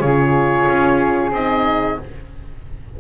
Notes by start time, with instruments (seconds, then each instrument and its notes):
0.00 double bass C#3, horn F4, flute G#4, oboe C#5
0.68 double bass C#4
1.31 double bass C4, horn D#4, oboe D#5